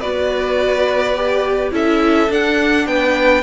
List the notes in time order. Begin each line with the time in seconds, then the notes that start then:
0.00 B3 F#4 B4 D5
1.16 G4
1.72 C#4 E4 A4 E5
2.28 D4 F#5
2.86 B3 B4 G5